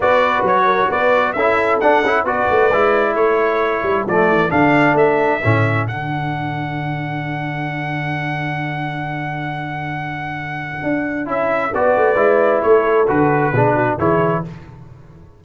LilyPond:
<<
  \new Staff \with { instrumentName = "trumpet" } { \time 4/4 \tempo 4 = 133 d''4 cis''4 d''4 e''4 | fis''4 d''2 cis''4~ | cis''4 d''4 f''4 e''4~ | e''4 fis''2.~ |
fis''1~ | fis''1~ | fis''4 e''4 d''2 | cis''4 b'2 cis''4 | }
  \new Staff \with { instrumentName = "horn" } { \time 4/4 b'4. ais'8 b'4 a'4~ | a'4 b'2 a'4~ | a'1~ | a'1~ |
a'1~ | a'1~ | a'2 b'2 | a'2 gis'8 fis'8 gis'4 | }
  \new Staff \with { instrumentName = "trombone" } { \time 4/4 fis'2. e'4 | d'8 e'8 fis'4 e'2~ | e'4 a4 d'2 | cis'4 d'2.~ |
d'1~ | d'1~ | d'4 e'4 fis'4 e'4~ | e'4 fis'4 d'4 e'4 | }
  \new Staff \with { instrumentName = "tuba" } { \time 4/4 b4 fis4 b4 cis'4 | d'8 cis'8 b8 a8 gis4 a4~ | a8 g8 f8 e8 d4 a4 | a,4 d2.~ |
d1~ | d1 | d'4 cis'4 b8 a8 gis4 | a4 d4 b,4 e4 | }
>>